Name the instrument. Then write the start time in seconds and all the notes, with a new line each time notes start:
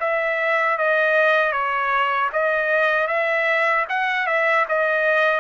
trumpet
0.00 E5
0.78 D#5
1.52 C#5
2.32 D#5
3.07 E5
3.89 F#5
4.26 E5
4.68 D#5